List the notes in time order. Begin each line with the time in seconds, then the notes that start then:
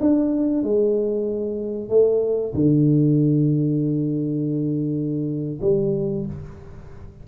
0.00 D4
0.63 G#3
1.89 A3
2.54 D3
5.61 G3